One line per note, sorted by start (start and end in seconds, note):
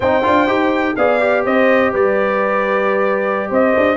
0.00 0.23 C4
0.00 0.23 D#4
0.00 0.96 C5
0.00 0.96 G5
0.23 0.47 D4
0.23 0.47 F4
0.47 0.96 D#4
0.47 0.95 G4
0.96 1.45 B3
0.96 1.20 G#4
0.96 1.45 D5
0.96 1.44 F5
1.20 3.96 G4
1.45 1.94 C4
1.45 1.92 C5
1.45 1.93 D#5
1.92 3.51 G3
1.92 3.49 B4
1.92 3.52 D5
3.49 3.75 C4
3.49 3.96 C5
3.49 3.96 D#5
3.76 3.96 D4